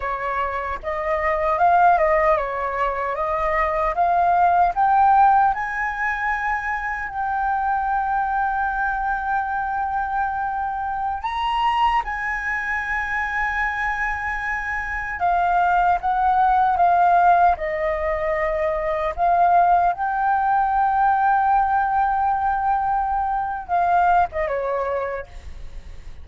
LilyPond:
\new Staff \with { instrumentName = "flute" } { \time 4/4 \tempo 4 = 76 cis''4 dis''4 f''8 dis''8 cis''4 | dis''4 f''4 g''4 gis''4~ | gis''4 g''2.~ | g''2~ g''16 ais''4 gis''8.~ |
gis''2.~ gis''16 f''8.~ | f''16 fis''4 f''4 dis''4.~ dis''16~ | dis''16 f''4 g''2~ g''8.~ | g''2 f''8. dis''16 cis''4 | }